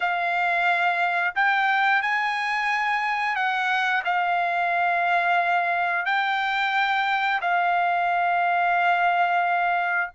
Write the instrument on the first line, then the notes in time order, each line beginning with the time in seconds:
trumpet
0.00 F5
1.35 G5
2.02 G#5
3.35 F#5
4.04 F5
6.05 G5
7.41 F5